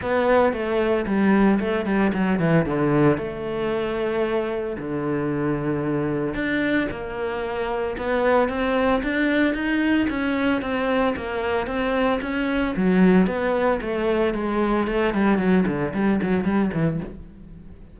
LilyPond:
\new Staff \with { instrumentName = "cello" } { \time 4/4 \tempo 4 = 113 b4 a4 g4 a8 g8 | fis8 e8 d4 a2~ | a4 d2. | d'4 ais2 b4 |
c'4 d'4 dis'4 cis'4 | c'4 ais4 c'4 cis'4 | fis4 b4 a4 gis4 | a8 g8 fis8 d8 g8 fis8 g8 e8 | }